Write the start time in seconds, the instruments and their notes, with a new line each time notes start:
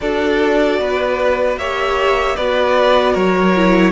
0.00 cello D4, viola F#4, violin A4 D5
0.78 cello B3, violin B4
1.57 cello A#3, viola G4, violin C#5 E5
2.36 cello B3, viola F#4, violin B4 D5
3.12 cello F#3, violin A#4 C#5
3.55 viola E4